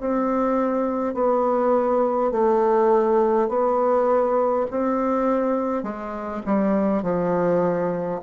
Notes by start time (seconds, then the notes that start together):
0.00 C4
1.14 B3
2.31 A3
3.48 B3
4.71 C4
5.83 G#3
6.45 G3
7.03 F3